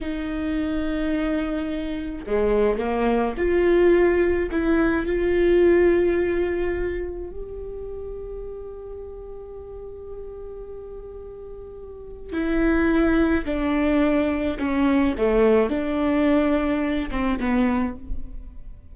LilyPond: \new Staff \with { instrumentName = "viola" } { \time 4/4 \tempo 4 = 107 dis'1 | gis4 ais4 f'2 | e'4 f'2.~ | f'4 g'2.~ |
g'1~ | g'2 e'2 | d'2 cis'4 a4 | d'2~ d'8 c'8 b4 | }